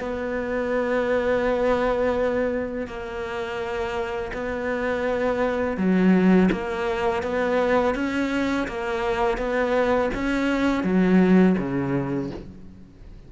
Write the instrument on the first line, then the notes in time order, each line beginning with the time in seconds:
cello
0.00 B3
2.87 A#3
4.33 B3
5.77 F#3
6.51 A#3
7.23 B3
7.95 C#4
8.67 A#3
9.38 B3
10.14 C#4
10.84 F#3
11.58 C#3